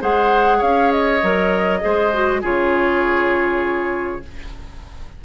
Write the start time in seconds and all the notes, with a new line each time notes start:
0.00 G#3 G#4 C5 F#5
0.58 C#4 C#5 F5
0.91 D#5
1.23 F#3 A#4
1.80 G#3 G#4 C5
2.13 F#4
2.41 C#3 F4 G#4 C#5